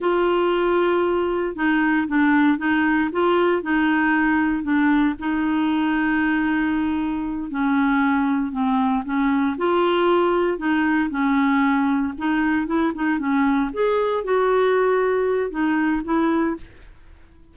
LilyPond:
\new Staff \with { instrumentName = "clarinet" } { \time 4/4 \tempo 4 = 116 f'2. dis'4 | d'4 dis'4 f'4 dis'4~ | dis'4 d'4 dis'2~ | dis'2~ dis'8 cis'4.~ |
cis'8 c'4 cis'4 f'4.~ | f'8 dis'4 cis'2 dis'8~ | dis'8 e'8 dis'8 cis'4 gis'4 fis'8~ | fis'2 dis'4 e'4 | }